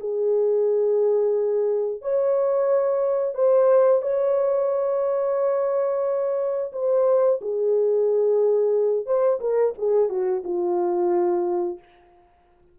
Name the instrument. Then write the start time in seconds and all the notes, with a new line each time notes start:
horn
0.00 G#4
2.02 C#5
3.35 C5
4.02 C#5
6.73 C5
7.42 G#4
9.06 C5
9.41 A#4
9.78 G#4
10.09 F#4
10.44 F4